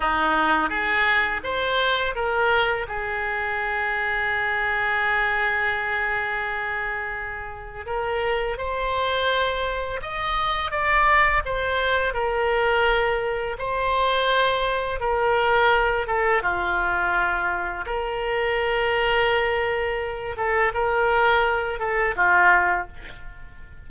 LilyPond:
\new Staff \with { instrumentName = "oboe" } { \time 4/4 \tempo 4 = 84 dis'4 gis'4 c''4 ais'4 | gis'1~ | gis'2. ais'4 | c''2 dis''4 d''4 |
c''4 ais'2 c''4~ | c''4 ais'4. a'8 f'4~ | f'4 ais'2.~ | ais'8 a'8 ais'4. a'8 f'4 | }